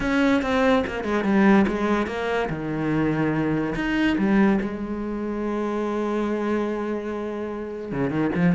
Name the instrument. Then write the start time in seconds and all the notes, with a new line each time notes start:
cello
0.00 C#4
0.42 C4
0.86 A#3
1.04 G#3
1.24 G3
1.67 G#3
2.07 A#3
2.49 D#3
3.75 D#4
4.18 G3
4.61 G#3
7.91 C#3
8.10 D#3
8.35 F3